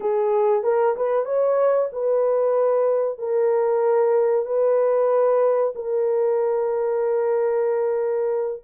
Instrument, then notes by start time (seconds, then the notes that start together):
horn
0.00 G#4
0.63 A#4
0.96 B4
1.25 C#5
1.92 B4
3.18 A#4
4.45 B4
5.75 A#4